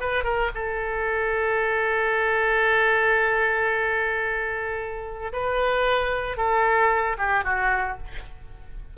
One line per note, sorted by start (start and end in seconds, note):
0.00 0.23 B4
0.23 0.50 A#4
0.54 5.32 A4
5.32 6.37 B4
6.37 7.16 A4
7.18 7.44 G4
7.44 7.97 F#4